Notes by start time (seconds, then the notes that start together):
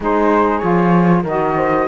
0.00 G#3 D#4 G#4 C5
0.58 F3 F4 C#5
1.23 D#3 F#4 A#4 D#5
1.56 C5